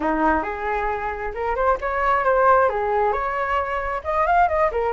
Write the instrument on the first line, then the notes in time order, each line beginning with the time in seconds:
flute
0.00 D#4
0.43 G#4
1.34 A#4
1.55 C5
1.81 C#5
2.24 C5
2.69 G#4
3.12 C#5
4.04 D#5
4.26 F5
4.48 D#5
4.71 A#4